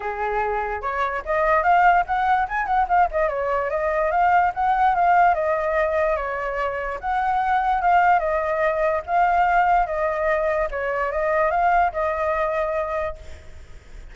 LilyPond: \new Staff \with { instrumentName = "flute" } { \time 4/4 \tempo 4 = 146 gis'2 cis''4 dis''4 | f''4 fis''4 gis''8 fis''8 f''8 dis''8 | cis''4 dis''4 f''4 fis''4 | f''4 dis''2 cis''4~ |
cis''4 fis''2 f''4 | dis''2 f''2 | dis''2 cis''4 dis''4 | f''4 dis''2. | }